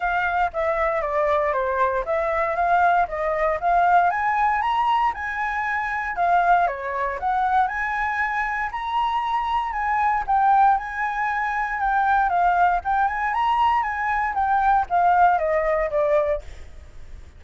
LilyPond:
\new Staff \with { instrumentName = "flute" } { \time 4/4 \tempo 4 = 117 f''4 e''4 d''4 c''4 | e''4 f''4 dis''4 f''4 | gis''4 ais''4 gis''2 | f''4 cis''4 fis''4 gis''4~ |
gis''4 ais''2 gis''4 | g''4 gis''2 g''4 | f''4 g''8 gis''8 ais''4 gis''4 | g''4 f''4 dis''4 d''4 | }